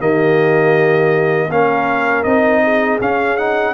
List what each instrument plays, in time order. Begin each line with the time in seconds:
0.00 tuba D#3, trombone A#3, horn G4, trumpet D#5
1.50 tuba A#3, trombone C#4, horn A#4, trumpet F5
2.24 tuba C4, trombone D#4, trumpet D#5
2.64 horn G#4
3.01 tuba C#4, trombone C#4, trumpet F5
3.37 trombone D#4, trumpet F#5